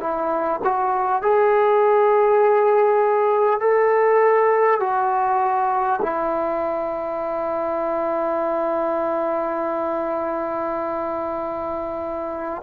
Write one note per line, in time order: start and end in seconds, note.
0.00 0.60 E4
0.64 1.23 F#4
1.23 3.61 G#4
3.61 4.80 A4
4.80 6.00 F#4
6.03 12.63 E4